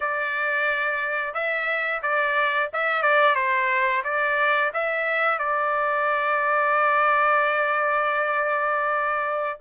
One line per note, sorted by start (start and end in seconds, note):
0.00 1.34 D5
1.34 2.01 E5
2.02 2.70 D5
2.73 3.02 E5
3.02 3.35 D5
3.35 4.02 C5
4.04 4.71 D5
4.73 5.38 E5
5.38 9.60 D5